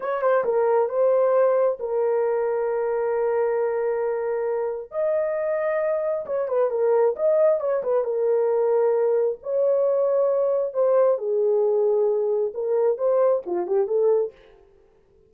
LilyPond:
\new Staff \with { instrumentName = "horn" } { \time 4/4 \tempo 4 = 134 cis''8 c''8 ais'4 c''2 | ais'1~ | ais'2. dis''4~ | dis''2 cis''8 b'8 ais'4 |
dis''4 cis''8 b'8 ais'2~ | ais'4 cis''2. | c''4 gis'2. | ais'4 c''4 f'8 g'8 a'4 | }